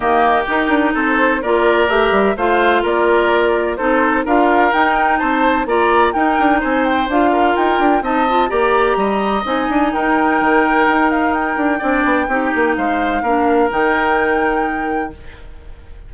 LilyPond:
<<
  \new Staff \with { instrumentName = "flute" } { \time 4/4 \tempo 4 = 127 dis''4 ais'4 c''4 d''4 | e''4 f''4 d''2 | c''4 f''4 g''4 a''4 | ais''4 g''4 gis''8 g''8 f''4 |
g''4 a''4 ais''2 | gis''4 g''2~ g''8 f''8 | g''2. f''4~ | f''4 g''2. | }
  \new Staff \with { instrumentName = "oboe" } { \time 4/4 g'2 a'4 ais'4~ | ais'4 c''4 ais'2 | a'4 ais'2 c''4 | d''4 ais'4 c''4. ais'8~ |
ais'4 dis''4 d''4 dis''4~ | dis''4 ais'2.~ | ais'4 d''4 g'4 c''4 | ais'1 | }
  \new Staff \with { instrumentName = "clarinet" } { \time 4/4 ais4 dis'2 f'4 | g'4 f'2. | dis'4 f'4 dis'2 | f'4 dis'2 f'4~ |
f'4 dis'8 f'8 g'2 | dis'1~ | dis'4 d'4 dis'2 | d'4 dis'2. | }
  \new Staff \with { instrumentName = "bassoon" } { \time 4/4 dis4 dis'8 d'8 c'4 ais4 | a8 g8 a4 ais2 | c'4 d'4 dis'4 c'4 | ais4 dis'8 d'8 c'4 d'4 |
dis'8 d'8 c'4 ais4 g4 | c'8 d'8 dis'4 dis4 dis'4~ | dis'8 d'8 c'8 b8 c'8 ais8 gis4 | ais4 dis2. | }
>>